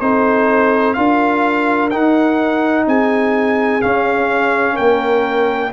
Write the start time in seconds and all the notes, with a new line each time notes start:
0.00 C4 D#4 A4 C5
0.93 D4 F4 A#4 F5
1.90 D#4 F#5
2.87 C4 G#4 G#5
3.81 C#4 F5
4.74 A#3 A#4 G5